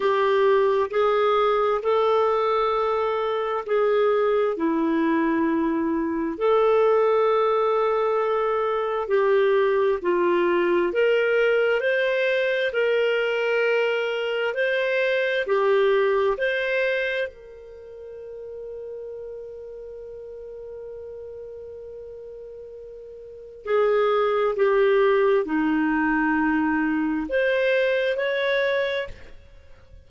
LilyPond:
\new Staff \with { instrumentName = "clarinet" } { \time 4/4 \tempo 4 = 66 g'4 gis'4 a'2 | gis'4 e'2 a'4~ | a'2 g'4 f'4 | ais'4 c''4 ais'2 |
c''4 g'4 c''4 ais'4~ | ais'1~ | ais'2 gis'4 g'4 | dis'2 c''4 cis''4 | }